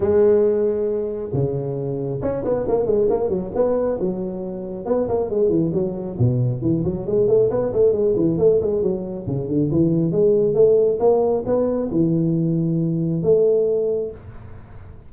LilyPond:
\new Staff \with { instrumentName = "tuba" } { \time 4/4 \tempo 4 = 136 gis2. cis4~ | cis4 cis'8 b8 ais8 gis8 ais8 fis8 | b4 fis2 b8 ais8 | gis8 e8 fis4 b,4 e8 fis8 |
gis8 a8 b8 a8 gis8 e8 a8 gis8 | fis4 cis8 d8 e4 gis4 | a4 ais4 b4 e4~ | e2 a2 | }